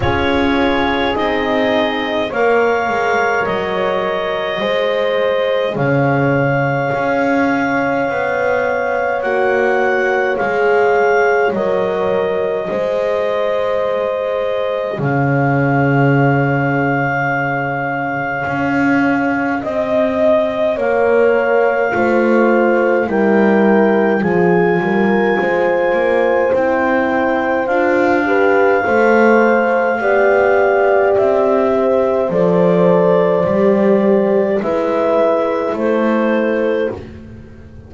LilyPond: <<
  \new Staff \with { instrumentName = "clarinet" } { \time 4/4 \tempo 4 = 52 cis''4 dis''4 f''4 dis''4~ | dis''4 f''2. | fis''4 f''4 dis''2~ | dis''4 f''2.~ |
f''4 dis''4 f''2 | g''4 gis''2 g''4 | f''2. e''4 | d''2 e''4 c''4 | }
  \new Staff \with { instrumentName = "horn" } { \time 4/4 gis'2 cis''2 | c''4 cis''2.~ | cis''2. c''4~ | c''4 cis''2.~ |
cis''4 dis''4 cis''4 c''4 | ais'4 gis'8 ais'8 c''2~ | c''8 b'8 c''4 d''4. c''8~ | c''2 b'4 a'4 | }
  \new Staff \with { instrumentName = "horn" } { \time 4/4 f'4 dis'4 ais'2 | gis'1 | fis'4 gis'4 ais'4 gis'4~ | gis'1~ |
gis'2 ais'4 f'4 | e'4 f'2 e'4 | f'8 g'8 a'4 g'2 | a'4 g'4 e'2 | }
  \new Staff \with { instrumentName = "double bass" } { \time 4/4 cis'4 c'4 ais8 gis8 fis4 | gis4 cis4 cis'4 b4 | ais4 gis4 fis4 gis4~ | gis4 cis2. |
cis'4 c'4 ais4 a4 | g4 f8 g8 gis8 ais8 c'4 | d'4 a4 b4 c'4 | f4 g4 gis4 a4 | }
>>